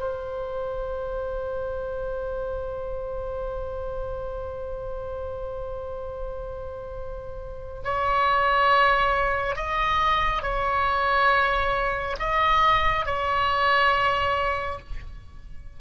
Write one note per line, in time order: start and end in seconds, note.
0.00 7.83 C5
7.84 9.57 C#5
9.57 10.43 D#5
10.43 12.17 C#5
12.20 13.06 D#5
13.06 14.80 C#5